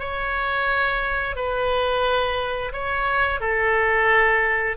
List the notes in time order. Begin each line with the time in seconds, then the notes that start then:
0.00 C#5
1.36 B4
2.73 C#5
3.41 A4